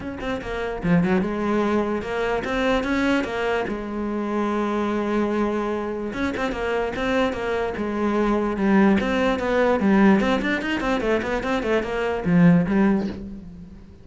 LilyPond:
\new Staff \with { instrumentName = "cello" } { \time 4/4 \tempo 4 = 147 cis'8 c'8 ais4 f8 fis8 gis4~ | gis4 ais4 c'4 cis'4 | ais4 gis2.~ | gis2. cis'8 c'8 |
ais4 c'4 ais4 gis4~ | gis4 g4 c'4 b4 | g4 c'8 d'8 dis'8 c'8 a8 b8 | c'8 a8 ais4 f4 g4 | }